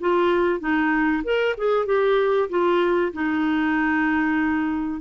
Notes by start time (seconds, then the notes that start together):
0.00 F4
0.60 D#4
1.23 A#4
1.57 G#4
1.85 G4
2.49 F4
3.13 D#4